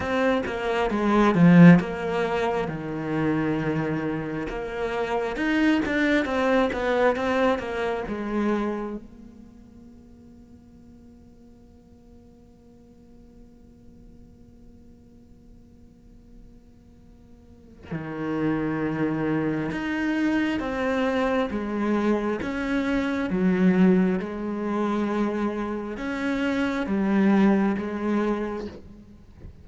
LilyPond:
\new Staff \with { instrumentName = "cello" } { \time 4/4 \tempo 4 = 67 c'8 ais8 gis8 f8 ais4 dis4~ | dis4 ais4 dis'8 d'8 c'8 b8 | c'8 ais8 gis4 ais2~ | ais1~ |
ais1 | dis2 dis'4 c'4 | gis4 cis'4 fis4 gis4~ | gis4 cis'4 g4 gis4 | }